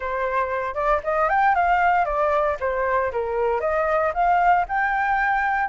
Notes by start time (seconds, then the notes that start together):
0.00 C5
0.74 D5
1.03 D#5
1.29 G5
1.55 F5
2.05 D5
2.60 C5
3.12 A#4
3.60 D#5
4.14 F5
4.68 G5